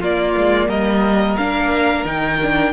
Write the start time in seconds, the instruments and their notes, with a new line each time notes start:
0.00 cello A#3, viola A#3, violin F4 D5
0.37 cello G#3
0.68 cello G3, violin A#4 D#5
1.37 cello A#3, viola D4, violin F5
2.05 cello D#3, viola D#4, violin G5
2.42 viola D4